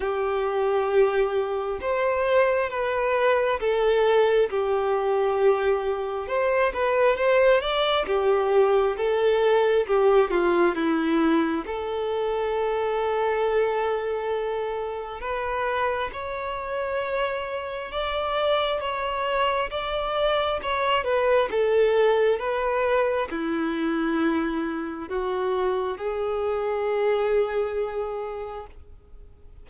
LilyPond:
\new Staff \with { instrumentName = "violin" } { \time 4/4 \tempo 4 = 67 g'2 c''4 b'4 | a'4 g'2 c''8 b'8 | c''8 d''8 g'4 a'4 g'8 f'8 | e'4 a'2.~ |
a'4 b'4 cis''2 | d''4 cis''4 d''4 cis''8 b'8 | a'4 b'4 e'2 | fis'4 gis'2. | }